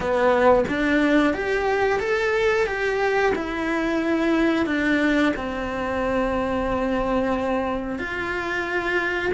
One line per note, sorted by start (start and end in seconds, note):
0.00 0.64 B3
0.68 1.33 D4
1.33 1.99 G4
1.99 2.66 A4
2.66 3.32 G4
3.35 4.66 E4
4.66 5.32 D4
5.36 7.98 C4
7.98 9.32 F4